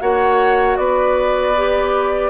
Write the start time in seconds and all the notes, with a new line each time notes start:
0.00 A#3 F#4 C#5 F#5
0.77 B3 B4 D5
1.56 G4